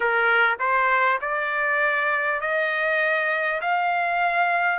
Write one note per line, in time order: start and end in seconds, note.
0.00 0.56 A#4
0.59 1.19 C5
1.21 2.41 D5
2.41 3.61 D#5
3.61 4.79 F5